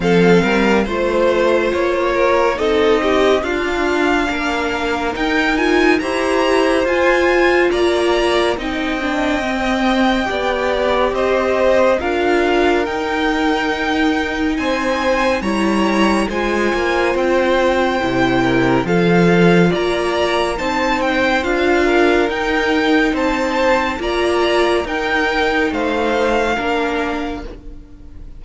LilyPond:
<<
  \new Staff \with { instrumentName = "violin" } { \time 4/4 \tempo 4 = 70 f''4 c''4 cis''4 dis''4 | f''2 g''8 gis''8 ais''4 | gis''4 ais''4 g''2~ | g''4 dis''4 f''4 g''4~ |
g''4 gis''4 ais''4 gis''4 | g''2 f''4 ais''4 | a''8 g''8 f''4 g''4 a''4 | ais''4 g''4 f''2 | }
  \new Staff \with { instrumentName = "violin" } { \time 4/4 a'8 ais'8 c''4. ais'8 a'8 g'8 | f'4 ais'2 c''4~ | c''4 d''4 dis''2 | d''4 c''4 ais'2~ |
ais'4 c''4 cis''4 c''4~ | c''4. ais'8 a'4 d''4 | c''4. ais'4. c''4 | d''4 ais'4 c''4 ais'4 | }
  \new Staff \with { instrumentName = "viola" } { \time 4/4 c'4 f'2 dis'4 | d'2 dis'8 f'8 g'4 | f'2 dis'8 d'8 c'4 | g'2 f'4 dis'4~ |
dis'2 e'4 f'4~ | f'4 e'4 f'2 | dis'4 f'4 dis'2 | f'4 dis'2 d'4 | }
  \new Staff \with { instrumentName = "cello" } { \time 4/4 f8 g8 a4 ais4 c'4 | d'4 ais4 dis'4 e'4 | f'4 ais4 c'2 | b4 c'4 d'4 dis'4~ |
dis'4 c'4 g4 gis8 ais8 | c'4 c4 f4 ais4 | c'4 d'4 dis'4 c'4 | ais4 dis'4 a4 ais4 | }
>>